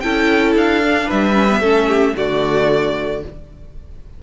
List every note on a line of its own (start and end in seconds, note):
0.00 0.56 C#4
0.00 0.83 E4
0.00 1.07 A4
0.00 0.53 G5
0.56 1.09 D4
0.56 1.10 F5
0.83 1.34 D4
1.07 1.61 G3
1.07 1.60 B4
1.07 2.16 E5
1.34 1.47 C#4
1.50 1.62 B3
1.60 2.14 A3
1.60 2.15 C#4
1.60 1.87 A4
1.87 2.14 G4
2.16 3.23 D3
2.16 3.23 A3
2.16 3.23 F#4
2.16 3.23 D5